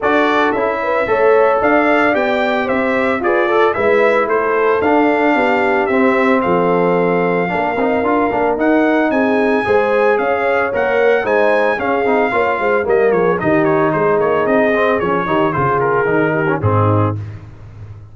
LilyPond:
<<
  \new Staff \with { instrumentName = "trumpet" } { \time 4/4 \tempo 4 = 112 d''4 e''2 f''4 | g''4 e''4 d''4 e''4 | c''4 f''2 e''4 | f''1 |
fis''4 gis''2 f''4 | fis''4 gis''4 f''2 | dis''8 cis''8 dis''8 cis''8 c''8 cis''8 dis''4 | cis''4 c''8 ais'4. gis'4 | }
  \new Staff \with { instrumentName = "horn" } { \time 4/4 a'4. b'8 cis''4 d''4~ | d''4 c''4 b'8 a'8 b'4 | a'2 g'2 | a'2 ais'2~ |
ais'4 gis'4 c''4 cis''4~ | cis''4 c''4 gis'4 cis''8 c''8 | ais'8 gis'8 g'4 gis'2~ | gis'8 g'8 gis'4. g'8 dis'4 | }
  \new Staff \with { instrumentName = "trombone" } { \time 4/4 fis'4 e'4 a'2 | g'2 gis'8 a'8 e'4~ | e'4 d'2 c'4~ | c'2 d'8 dis'8 f'8 d'8 |
dis'2 gis'2 | ais'4 dis'4 cis'8 dis'8 f'4 | ais4 dis'2~ dis'8 c'8 | cis'8 dis'8 f'4 dis'8. cis'16 c'4 | }
  \new Staff \with { instrumentName = "tuba" } { \time 4/4 d'4 cis'4 a4 d'4 | b4 c'4 f'4 gis4 | a4 d'4 b4 c'4 | f2 ais8 c'8 d'8 ais8 |
dis'4 c'4 gis4 cis'4 | ais4 gis4 cis'8 c'8 ais8 gis8 | g8 f8 dis4 gis8 ais8 c'4 | f8 dis8 cis4 dis4 gis,4 | }
>>